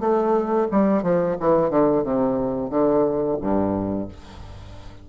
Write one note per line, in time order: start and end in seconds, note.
0.00 0.67 A3
0.71 1.03 G3
1.03 1.36 F3
1.40 1.70 E3
1.70 2.04 D3
2.04 2.70 C3
2.70 3.38 D3
3.41 4.08 G2